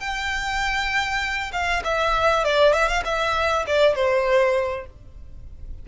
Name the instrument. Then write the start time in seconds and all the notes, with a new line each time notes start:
violin
0.00 G5
1.53 F5
1.84 E5
2.44 D5
2.74 E5
2.88 F5
3.05 E5
3.67 D5
3.95 C5